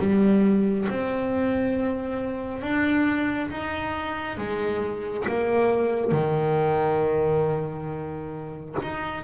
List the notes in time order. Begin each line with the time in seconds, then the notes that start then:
0.00 G3
0.89 C4
2.62 D4
3.51 D#4
4.38 G#3
5.28 A#3
6.12 D#3
8.82 D#4